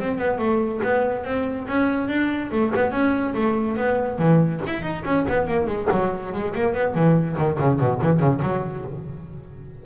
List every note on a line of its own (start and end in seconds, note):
0.00 0.19 C4
0.19 0.39 B3
0.39 0.81 A3
0.84 1.25 B3
1.25 1.67 C4
1.68 2.09 C#4
2.09 2.51 D4
2.52 2.73 A3
2.76 2.92 B3
2.92 3.34 C#4
3.35 3.77 A3
3.77 4.19 B3
4.19 4.61 E3
4.67 4.83 E4
4.83 5.04 D#4
5.05 5.26 C#4
5.29 5.48 B3
5.48 5.67 A#3
5.67 5.88 G#3
5.92 6.33 F#3
6.33 6.54 G#3
6.55 6.75 A#3
6.75 6.95 B3
6.95 7.37 E3
7.38 7.59 D#3
7.60 7.80 C#3
7.80 8.01 B2
8.02 8.20 E3
8.20 8.41 C#3
8.43 8.85 F#3